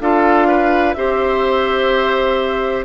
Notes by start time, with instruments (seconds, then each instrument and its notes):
0.00 bassoon D4, clarinet F4, oboe A4, flute F5
0.47 oboe B4
0.93 bassoon C4, clarinet G4, oboe C5, flute E5